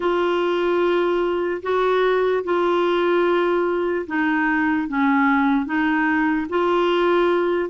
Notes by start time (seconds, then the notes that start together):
0.00 F4
1.62 F#4
2.43 F4
4.07 D#4
4.88 C#4
5.65 D#4
6.49 F4